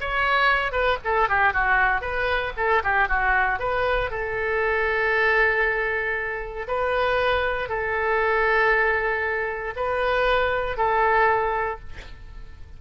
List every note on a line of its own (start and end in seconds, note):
0.00 0.72 C#5
0.72 0.97 B4
1.04 1.29 A4
1.29 1.53 G4
1.53 2.01 F#4
2.01 2.52 B4
2.57 2.82 A4
2.83 3.08 G4
3.08 3.59 F#4
3.59 4.10 B4
4.10 6.67 A4
6.68 7.69 B4
7.69 9.74 A4
9.76 10.77 B4
10.77 11.79 A4